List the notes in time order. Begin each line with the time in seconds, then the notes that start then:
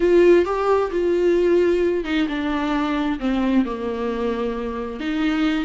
0.00 F4
0.45 G4
0.91 F4
2.04 D#4
2.28 D4
3.19 C4
3.65 A#3
5.00 D#4